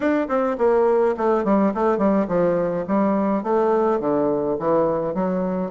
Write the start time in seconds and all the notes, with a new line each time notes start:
0.00 D4
0.28 C4
0.58 A#3
1.17 A3
1.44 G3
1.74 A3
1.98 G3
2.28 F3
2.87 G3
3.43 A3
3.99 D3
4.59 E3
5.14 F#3